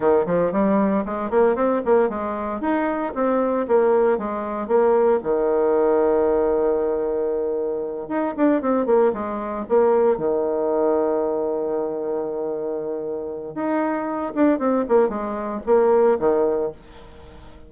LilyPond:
\new Staff \with { instrumentName = "bassoon" } { \time 4/4 \tempo 4 = 115 dis8 f8 g4 gis8 ais8 c'8 ais8 | gis4 dis'4 c'4 ais4 | gis4 ais4 dis2~ | dis2.~ dis8 dis'8 |
d'8 c'8 ais8 gis4 ais4 dis8~ | dis1~ | dis2 dis'4. d'8 | c'8 ais8 gis4 ais4 dis4 | }